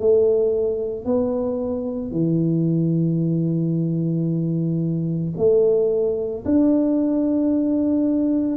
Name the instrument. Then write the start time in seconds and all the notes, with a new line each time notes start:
tuba
0.00 A3
1.05 B3
2.11 E3
5.38 A3
6.45 D4